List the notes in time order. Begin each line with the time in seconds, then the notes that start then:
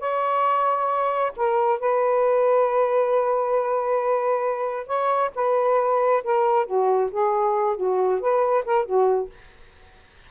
0.00 C#5
1.37 A#4
1.80 B4
4.87 C#5
5.36 B4
6.24 A#4
6.66 F#4
7.11 G#4
7.77 F#4
8.21 B4
8.66 A#4
8.86 F#4